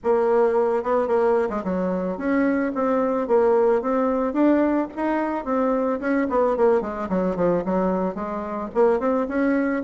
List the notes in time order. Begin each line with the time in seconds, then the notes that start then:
0.03 A#3
0.83 B3
1.07 A#3
1.49 G#3
1.64 F#3
2.17 C#4
2.74 C4
3.27 A#3
3.81 C4
4.33 D4
4.95 D#4
5.44 C4
6.00 C#4
6.29 B3
6.56 A#3
6.81 G#3
7.09 F#3
7.36 F3
7.65 F#3
8.14 G#3
8.74 A#3
8.99 C4
9.28 C#4